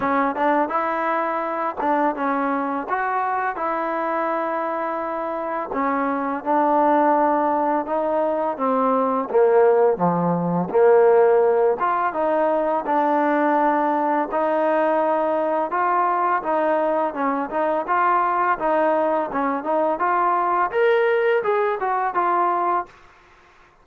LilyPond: \new Staff \with { instrumentName = "trombone" } { \time 4/4 \tempo 4 = 84 cis'8 d'8 e'4. d'8 cis'4 | fis'4 e'2. | cis'4 d'2 dis'4 | c'4 ais4 f4 ais4~ |
ais8 f'8 dis'4 d'2 | dis'2 f'4 dis'4 | cis'8 dis'8 f'4 dis'4 cis'8 dis'8 | f'4 ais'4 gis'8 fis'8 f'4 | }